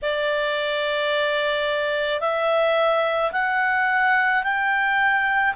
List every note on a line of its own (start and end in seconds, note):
0.02 2.20 D5
2.20 3.31 E5
3.32 4.43 F#5
4.43 5.54 G5